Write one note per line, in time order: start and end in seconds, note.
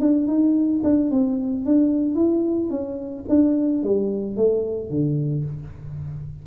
0.00 0.27 D4
0.27 0.82 D#4
0.84 1.11 D4
1.11 1.65 C4
1.65 2.15 D4
2.15 2.70 E4
2.70 3.24 C#4
3.29 3.83 D4
3.83 4.36 G3
4.36 4.90 A3
4.90 5.44 D3